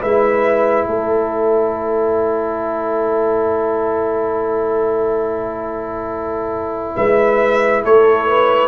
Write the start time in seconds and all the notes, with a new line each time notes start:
0.00 G#3 E4 B4 E5
0.86 A3 A4 C#5
6.96 G#3 B4 E5
7.83 A3 A4 C#5
8.27 B4